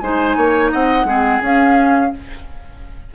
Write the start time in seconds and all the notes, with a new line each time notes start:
0.00 G#3 D#4 C5 G#5
0.37 A#3 C#5
0.72 C4 D#5 F#5
1.05 G#3 C4 G#4
1.42 C#4 F5